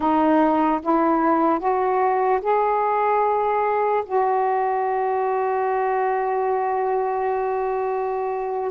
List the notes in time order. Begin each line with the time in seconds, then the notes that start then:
0.00 D#4
0.82 E4
1.59 F#4
2.41 G#4
4.05 F#4